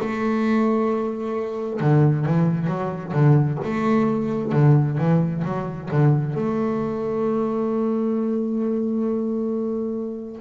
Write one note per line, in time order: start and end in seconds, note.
0.00 1.81 A3
1.81 2.26 D3
2.26 2.67 E3
2.67 3.13 F#3
3.13 3.59 D3
3.64 4.52 A3
4.52 4.98 D3
4.98 5.43 E3
5.44 5.90 F#3
5.91 6.36 D3
6.36 10.41 A3